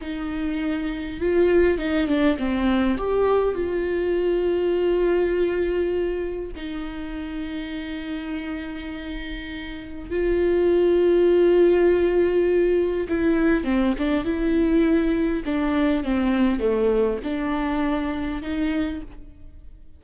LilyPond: \new Staff \with { instrumentName = "viola" } { \time 4/4 \tempo 4 = 101 dis'2 f'4 dis'8 d'8 | c'4 g'4 f'2~ | f'2. dis'4~ | dis'1~ |
dis'4 f'2.~ | f'2 e'4 c'8 d'8 | e'2 d'4 c'4 | a4 d'2 dis'4 | }